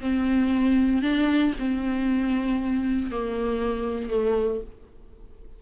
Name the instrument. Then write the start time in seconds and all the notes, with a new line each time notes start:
viola
0.00 C4
1.02 D4
1.59 C4
3.11 A#3
4.09 A3